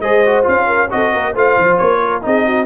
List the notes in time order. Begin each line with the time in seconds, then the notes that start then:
0.00 G#3 G#4 C5 D#5
0.25 F#4
0.43 C#4 F4 F5
0.67 A#4
0.90 C4 F#4 A4 D#5
1.13 A#3 A#4
1.32 A3 F4 C5 F5
1.58 F3
1.77 A#3 C#5
2.03 A#4
2.21 C4 D#4 G#4 D#5
2.45 F#4